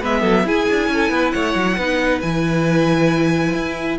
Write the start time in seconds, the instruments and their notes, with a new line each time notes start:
0.00 cello G#3, viola B3, violin B4 E5
0.20 cello F#3, violin A4
0.43 cello E4, viola E4, violin G#4 G#5
0.69 cello D4
0.88 cello C#4, violin A4
1.10 cello B3, violin B4
1.31 cello A3, violin C#5 F#5
1.55 cello F#3
1.76 cello B3, viola D#4, violin B4
2.21 cello E3, viola E4, violin G#5
3.54 cello E4